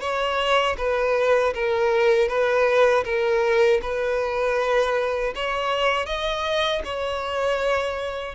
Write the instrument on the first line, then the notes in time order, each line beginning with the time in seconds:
violin
0.00 C#5
0.77 B4
1.54 A#4
2.28 B4
3.04 A#4
3.81 B4
5.35 C#5
6.06 D#5
6.84 C#5